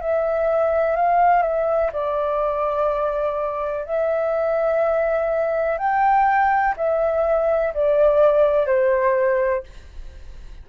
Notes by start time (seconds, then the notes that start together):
0.00 E5
0.96 F5
1.42 E5
1.92 D5
3.85 E5
5.78 G5
6.77 E5
7.73 D5
8.66 C5